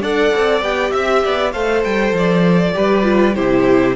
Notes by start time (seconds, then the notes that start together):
0.00 D4 A4 D5 F#5
0.35 C4
0.61 B3 G4 G5
0.91 C4 E5
1.24 B3 D5
1.52 A3 A4 C5 F5
1.84 G3 G5
2.12 F3 D5
2.74 G3 G4 B4
3.03 F4
3.34 C3 E4 G4 C5